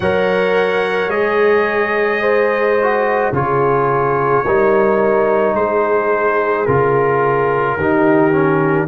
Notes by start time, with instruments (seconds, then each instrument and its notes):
0.00 tuba F#3, trombone A#4, horn C#5, trumpet F#5
1.07 tuba G#3, trombone G#4, trumpet D#5
2.21 horn C5
2.82 trombone F#4
3.32 tuba C#3, trombone F4, horn G#4, trumpet C#5
4.44 tuba G3, trombone D#4, horn A#4
5.53 tuba G#3, horn G#4, trumpet C5
6.65 tuba C#3, trombone F4, trumpet A#4
7.77 tuba D#3, trombone D#4, horn G4
8.32 trombone C#4